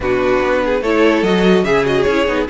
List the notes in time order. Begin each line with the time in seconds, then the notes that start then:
0.00 B2 D4 F#4 B4
0.42 B3
0.65 G#4
0.81 A3 E4 A4 C#5
1.22 F#3 F#4 D#5
1.63 C#3 G#4 E5
1.85 F#4 D#5
2.02 C#4 C#5
2.10 E4
2.27 B3 D#4